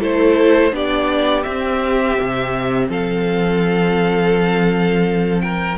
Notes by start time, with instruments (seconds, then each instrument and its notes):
0.00 cello A3, viola E4, violin A4 C5
0.72 cello B3, viola D4, violin G4 D5
1.43 cello C4, viola C4, violin E5
2.20 cello C3
2.89 cello F3, violin A4 F5
5.41 violin A#4 G5